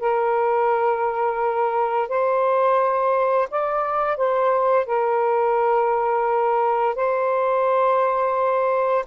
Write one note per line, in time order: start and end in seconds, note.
0.00 2.09 A#4
2.09 3.48 C5
3.50 4.17 D5
4.17 4.86 C5
4.86 6.95 A#4
6.95 9.05 C5